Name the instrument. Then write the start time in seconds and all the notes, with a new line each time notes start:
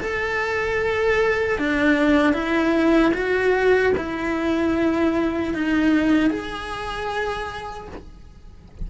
cello
0.00 A4
1.58 D4
2.33 E4
3.14 F#4
3.97 E4
5.54 D#4
6.30 G#4